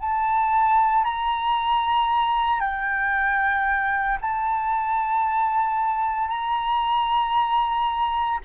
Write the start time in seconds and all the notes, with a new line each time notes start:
0.00 A5
1.04 A#5
2.60 G5
4.22 A5
6.29 A#5